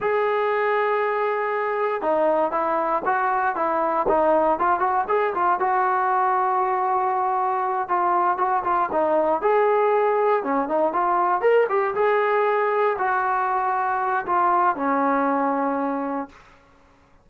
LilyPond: \new Staff \with { instrumentName = "trombone" } { \time 4/4 \tempo 4 = 118 gis'1 | dis'4 e'4 fis'4 e'4 | dis'4 f'8 fis'8 gis'8 f'8 fis'4~ | fis'2.~ fis'8 f'8~ |
f'8 fis'8 f'8 dis'4 gis'4.~ | gis'8 cis'8 dis'8 f'4 ais'8 g'8 gis'8~ | gis'4. fis'2~ fis'8 | f'4 cis'2. | }